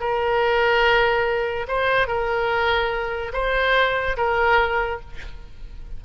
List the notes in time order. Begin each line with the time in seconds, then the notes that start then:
0.00 A#4
1.68 C5
2.07 A#4
3.33 C5
4.17 A#4